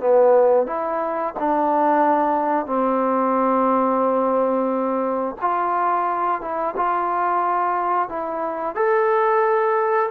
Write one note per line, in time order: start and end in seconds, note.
0.00 0.66 B3
0.66 1.34 E4
1.39 2.66 D4
2.66 5.36 C4
5.41 6.41 F4
6.41 6.75 E4
6.76 8.09 F4
8.09 8.75 E4
8.75 10.10 A4